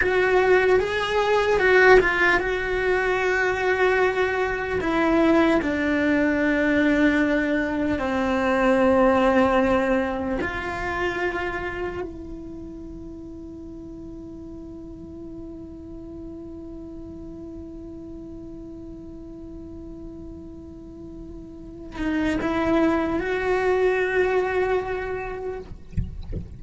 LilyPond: \new Staff \with { instrumentName = "cello" } { \time 4/4 \tempo 4 = 75 fis'4 gis'4 fis'8 f'8 fis'4~ | fis'2 e'4 d'4~ | d'2 c'2~ | c'4 f'2 e'4~ |
e'1~ | e'1~ | e'2.~ e'8 dis'8 | e'4 fis'2. | }